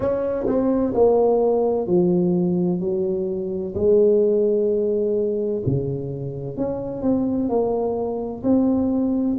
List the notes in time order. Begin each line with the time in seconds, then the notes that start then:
0.00 C#4
0.46 C4
0.94 A#3
1.86 F3
2.80 F#3
3.75 G#3
5.65 C#3
6.56 C#4
7.02 C4
7.49 A#3
8.43 C4